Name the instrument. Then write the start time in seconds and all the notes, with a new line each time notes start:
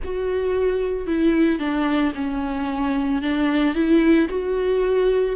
viola
0.04 F#4
1.07 E4
1.59 D4
2.14 C#4
3.21 D4
3.75 E4
4.29 F#4